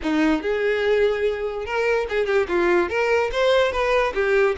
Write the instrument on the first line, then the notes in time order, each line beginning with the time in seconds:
violin
0.02 D#4
0.42 G#4
1.65 A#4
2.09 G#4
2.26 G4
2.48 F4
2.89 A#4
3.32 C5
3.71 B4
4.14 G4